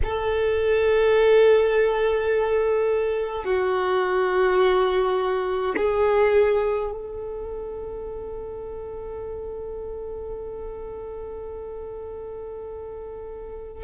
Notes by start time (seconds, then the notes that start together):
0.03 A4
3.44 F#4
5.76 G#4
6.91 A4